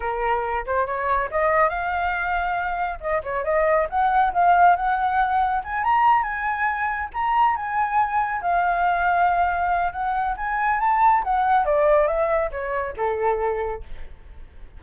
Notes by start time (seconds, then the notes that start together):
0.00 A#4
0.66 C5
0.86 C#5
1.30 D#5
1.69 F5
3.00 D#5
3.23 C#5
3.44 D#5
3.89 F#5
4.33 F5
4.76 F#5
5.64 G#5
5.83 A#5
6.23 G#5
7.13 A#5
7.56 G#5
8.41 F5
9.92 F#5
10.36 G#5
10.80 A5
11.23 F#5
11.65 D5
12.07 E5
12.51 C#5
12.96 A4